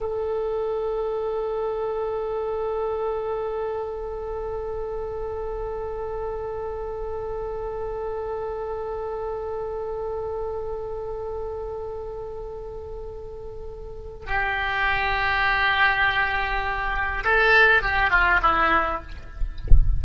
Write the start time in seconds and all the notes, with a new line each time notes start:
0.00 A4
14.26 G4
17.24 A4
17.82 G4
18.10 F4
18.42 E4